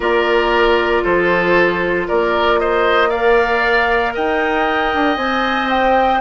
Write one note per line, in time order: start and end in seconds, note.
0.00 1.02 A#3
0.00 3.09 F4
0.00 1.03 A#4
0.00 1.03 D5
1.03 2.08 F3
1.03 2.07 A4
1.03 2.07 C5
2.08 4.17 A#3
2.08 2.59 A#4
2.08 2.59 D5
2.59 3.09 C5
2.59 3.10 D#5
3.09 5.18 A#4
3.09 4.12 D5
3.09 4.14 F5
4.14 4.94 D#4
4.14 6.21 D#5
4.14 5.16 G5
4.94 5.17 D4
5.16 6.20 C4
5.16 6.21 C5
5.16 5.68 G#5
5.69 6.21 G5